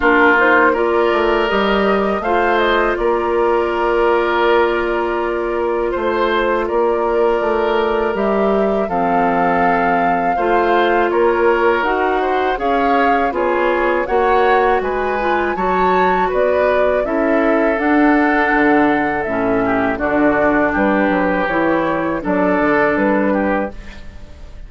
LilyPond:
<<
  \new Staff \with { instrumentName = "flute" } { \time 4/4 \tempo 4 = 81 ais'8 c''8 d''4 dis''4 f''8 dis''8 | d''1 | c''4 d''2 e''4 | f''2. cis''4 |
fis''4 f''4 cis''4 fis''4 | gis''4 a''4 d''4 e''4 | fis''2 e''4 d''4 | b'4 cis''4 d''4 b'4 | }
  \new Staff \with { instrumentName = "oboe" } { \time 4/4 f'4 ais'2 c''4 | ais'1 | c''4 ais'2. | a'2 c''4 ais'4~ |
ais'8 c''8 cis''4 gis'4 cis''4 | b'4 cis''4 b'4 a'4~ | a'2~ a'8 g'8 fis'4 | g'2 a'4. g'8 | }
  \new Staff \with { instrumentName = "clarinet" } { \time 4/4 d'8 dis'8 f'4 g'4 f'4~ | f'1~ | f'2. g'4 | c'2 f'2 |
fis'4 gis'4 f'4 fis'4~ | fis'8 f'8 fis'2 e'4 | d'2 cis'4 d'4~ | d'4 e'4 d'2 | }
  \new Staff \with { instrumentName = "bassoon" } { \time 4/4 ais4. a8 g4 a4 | ais1 | a4 ais4 a4 g4 | f2 a4 ais4 |
dis'4 cis'4 b4 ais4 | gis4 fis4 b4 cis'4 | d'4 d4 a,4 d4 | g8 fis8 e4 fis8 d8 g4 | }
>>